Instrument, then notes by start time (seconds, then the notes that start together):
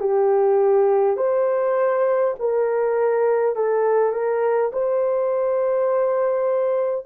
horn
0.00 G4
1.17 C5
2.39 A#4
3.56 A4
4.12 A#4
4.72 C5